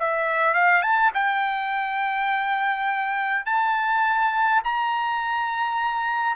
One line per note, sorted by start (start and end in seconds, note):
0.00 0.55 E5
0.55 0.83 F5
0.83 1.12 A5
1.15 3.46 G5
3.46 4.63 A5
4.64 6.37 A#5